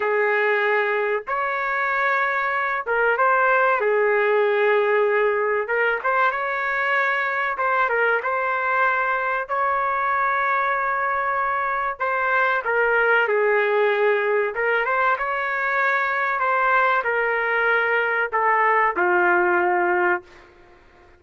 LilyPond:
\new Staff \with { instrumentName = "trumpet" } { \time 4/4 \tempo 4 = 95 gis'2 cis''2~ | cis''8 ais'8 c''4 gis'2~ | gis'4 ais'8 c''8 cis''2 | c''8 ais'8 c''2 cis''4~ |
cis''2. c''4 | ais'4 gis'2 ais'8 c''8 | cis''2 c''4 ais'4~ | ais'4 a'4 f'2 | }